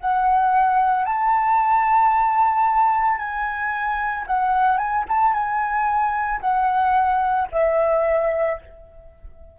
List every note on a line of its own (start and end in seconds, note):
0.00 1.05 F#5
1.05 3.18 A5
3.18 4.25 G#5
4.26 4.77 F#5
4.77 5.04 G#5
5.08 5.33 A5
5.33 6.40 G#5
6.40 7.48 F#5
7.51 8.59 E5